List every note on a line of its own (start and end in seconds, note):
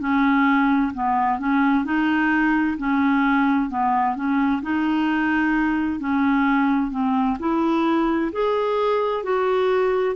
0.00 0.92 C#4
0.94 1.39 B3
1.39 1.85 C#4
1.85 2.77 D#4
2.78 3.70 C#4
3.70 4.16 B3
4.16 4.62 C#4
4.62 6.00 D#4
6.00 6.91 C#4
6.91 7.37 C4
7.39 8.32 E4
8.32 9.23 G#4
9.23 10.15 F#4